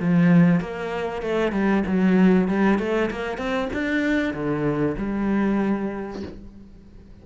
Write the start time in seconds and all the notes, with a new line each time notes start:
0.00 F3
0.60 A#3
1.22 A3
1.52 G3
1.86 F#3
2.48 G3
2.79 A3
3.11 A#3
3.38 C4
3.73 D4
4.33 D3
4.97 G3